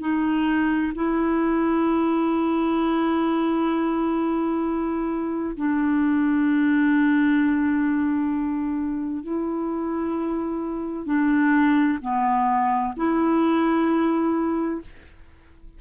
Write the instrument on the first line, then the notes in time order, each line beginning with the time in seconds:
clarinet
0.00 D#4
0.94 E4
5.56 D4
9.23 E4
11.06 D4
12.01 B3
12.97 E4